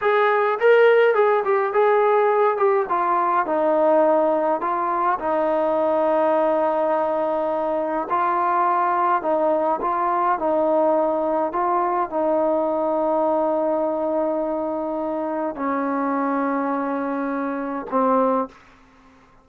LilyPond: \new Staff \with { instrumentName = "trombone" } { \time 4/4 \tempo 4 = 104 gis'4 ais'4 gis'8 g'8 gis'4~ | gis'8 g'8 f'4 dis'2 | f'4 dis'2.~ | dis'2 f'2 |
dis'4 f'4 dis'2 | f'4 dis'2.~ | dis'2. cis'4~ | cis'2. c'4 | }